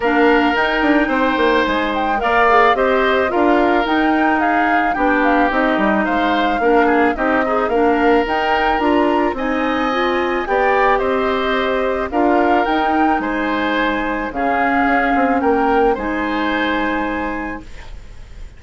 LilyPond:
<<
  \new Staff \with { instrumentName = "flute" } { \time 4/4 \tempo 4 = 109 f''4 g''2 gis''8 g''8 | f''4 dis''4 f''4 g''4 | f''4 g''8 f''8 dis''4 f''4~ | f''4 dis''4 f''4 g''4 |
ais''4 gis''2 g''4 | dis''2 f''4 g''4 | gis''2 f''2 | g''4 gis''2. | }
  \new Staff \with { instrumentName = "oboe" } { \time 4/4 ais'2 c''2 | d''4 c''4 ais'2 | gis'4 g'2 c''4 | ais'8 gis'8 g'8 dis'8 ais'2~ |
ais'4 dis''2 d''4 | c''2 ais'2 | c''2 gis'2 | ais'4 c''2. | }
  \new Staff \with { instrumentName = "clarinet" } { \time 4/4 d'4 dis'2. | ais'8 gis'8 g'4 f'4 dis'4~ | dis'4 d'4 dis'2 | d'4 dis'8 gis'8 d'4 dis'4 |
f'4 dis'4 f'4 g'4~ | g'2 f'4 dis'4~ | dis'2 cis'2~ | cis'4 dis'2. | }
  \new Staff \with { instrumentName = "bassoon" } { \time 4/4 ais4 dis'8 d'8 c'8 ais8 gis4 | ais4 c'4 d'4 dis'4~ | dis'4 b4 c'8 g8 gis4 | ais4 c'4 ais4 dis'4 |
d'4 c'2 b4 | c'2 d'4 dis'4 | gis2 cis4 cis'8 c'8 | ais4 gis2. | }
>>